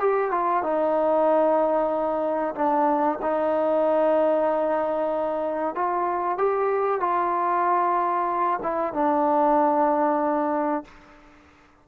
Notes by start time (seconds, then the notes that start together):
0.00 G4
0.31 F4
0.64 D#4
2.55 D4
3.22 D#4
5.76 F4
6.38 G4
7.01 F4
8.63 E4
8.94 D4